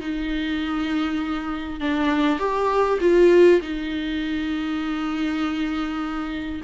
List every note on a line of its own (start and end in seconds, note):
0.00 1.80 D#4
1.80 2.39 D4
2.39 2.99 G4
3.00 3.60 F4
3.61 6.61 D#4